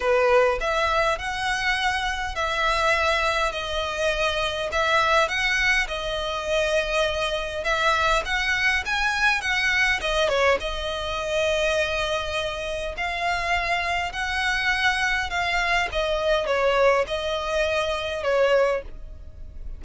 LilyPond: \new Staff \with { instrumentName = "violin" } { \time 4/4 \tempo 4 = 102 b'4 e''4 fis''2 | e''2 dis''2 | e''4 fis''4 dis''2~ | dis''4 e''4 fis''4 gis''4 |
fis''4 dis''8 cis''8 dis''2~ | dis''2 f''2 | fis''2 f''4 dis''4 | cis''4 dis''2 cis''4 | }